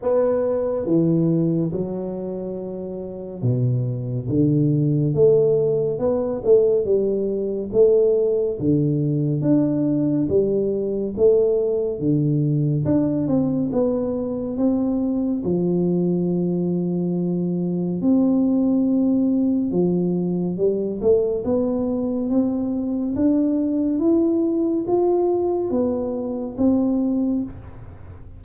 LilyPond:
\new Staff \with { instrumentName = "tuba" } { \time 4/4 \tempo 4 = 70 b4 e4 fis2 | b,4 d4 a4 b8 a8 | g4 a4 d4 d'4 | g4 a4 d4 d'8 c'8 |
b4 c'4 f2~ | f4 c'2 f4 | g8 a8 b4 c'4 d'4 | e'4 f'4 b4 c'4 | }